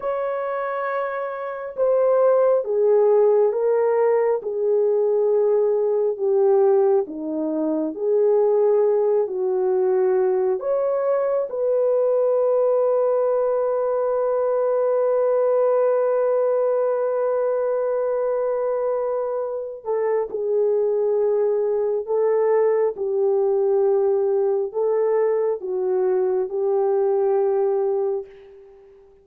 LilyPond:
\new Staff \with { instrumentName = "horn" } { \time 4/4 \tempo 4 = 68 cis''2 c''4 gis'4 | ais'4 gis'2 g'4 | dis'4 gis'4. fis'4. | cis''4 b'2.~ |
b'1~ | b'2~ b'8 a'8 gis'4~ | gis'4 a'4 g'2 | a'4 fis'4 g'2 | }